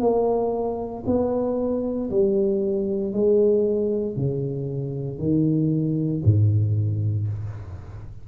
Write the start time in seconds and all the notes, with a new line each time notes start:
0.00 A#3
1.06 B3
2.10 G3
3.13 G#3
4.16 C#3
5.18 D#3
6.24 G#2